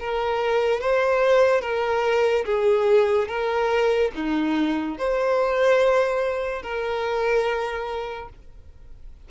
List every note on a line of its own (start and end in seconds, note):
0.00 0.81 A#4
0.81 1.62 C5
1.62 2.45 A#4
2.46 3.28 G#4
3.28 4.12 A#4
4.16 4.98 D#4
4.98 6.63 C5
6.63 8.30 A#4